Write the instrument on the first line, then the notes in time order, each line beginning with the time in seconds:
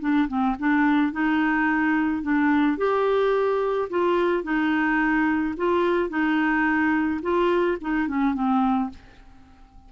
clarinet
0.00 D4
0.28 C4
0.59 D4
1.12 D#4
2.22 D4
2.77 G4
3.90 F4
4.43 D#4
5.57 F4
6.09 D#4
7.22 F4
7.81 D#4
8.07 C#4
8.34 C4